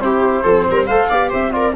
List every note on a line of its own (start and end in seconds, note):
0.00 0.43 C4
0.00 0.46 E4
0.00 0.43 G4
0.00 0.86 C5
0.43 0.66 F3
0.43 0.90 C4
0.43 0.65 A4
0.70 0.88 G3
0.70 0.87 A#4
0.86 1.10 A3
0.86 1.11 A4
0.86 1.08 C5
0.86 1.29 F5
1.09 1.32 B3
1.09 1.52 G4
1.09 1.29 D5
1.29 1.75 C4
1.29 1.51 C5
1.29 1.52 E5
1.52 1.73 F4
1.52 1.75 A#4
1.52 1.74 D5